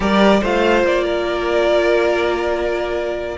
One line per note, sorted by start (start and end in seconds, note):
0.00 0.41 G3
0.00 0.39 G4
0.00 0.40 A#4
0.00 0.43 D5
0.40 0.83 A3
0.40 3.37 F4
0.40 1.04 C5
0.40 0.85 F5
0.83 3.36 A#3
0.83 3.37 D5
1.04 3.36 A#4